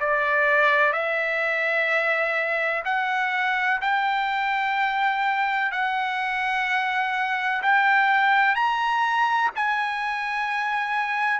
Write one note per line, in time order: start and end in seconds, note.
0.00 0.93 D5
0.93 2.83 E5
2.85 3.80 F#5
3.81 5.71 G5
5.71 7.62 F#5
7.63 8.55 G5
8.55 9.50 A#5
9.55 11.40 G#5